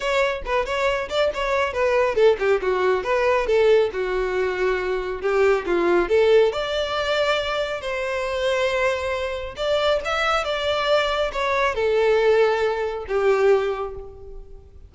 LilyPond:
\new Staff \with { instrumentName = "violin" } { \time 4/4 \tempo 4 = 138 cis''4 b'8 cis''4 d''8 cis''4 | b'4 a'8 g'8 fis'4 b'4 | a'4 fis'2. | g'4 f'4 a'4 d''4~ |
d''2 c''2~ | c''2 d''4 e''4 | d''2 cis''4 a'4~ | a'2 g'2 | }